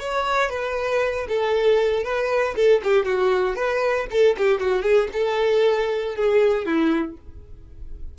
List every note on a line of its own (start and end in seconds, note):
0.00 0.50 C#5
0.50 1.27 B4
1.29 2.04 A4
2.04 2.55 B4
2.56 2.82 A4
2.84 3.06 G4
3.06 3.56 F#4
3.56 4.07 B4
4.11 4.37 A4
4.38 4.61 G4
4.61 4.83 F#4
4.83 5.09 G#4
5.14 6.16 A4
6.16 6.66 G#4
6.66 7.17 E4